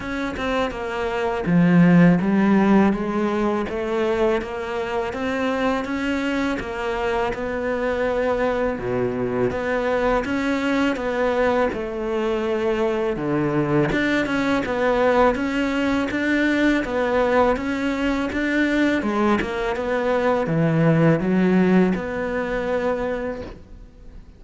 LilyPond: \new Staff \with { instrumentName = "cello" } { \time 4/4 \tempo 4 = 82 cis'8 c'8 ais4 f4 g4 | gis4 a4 ais4 c'4 | cis'4 ais4 b2 | b,4 b4 cis'4 b4 |
a2 d4 d'8 cis'8 | b4 cis'4 d'4 b4 | cis'4 d'4 gis8 ais8 b4 | e4 fis4 b2 | }